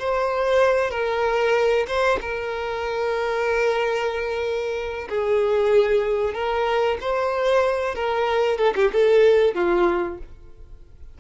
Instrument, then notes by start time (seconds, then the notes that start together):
violin
0.00 C5
0.91 A#4
1.88 C5
2.22 A#4
5.09 G#4
6.34 A#4
7.01 C5
7.95 A#4
8.59 A4
8.76 G4
8.93 A4
9.55 F4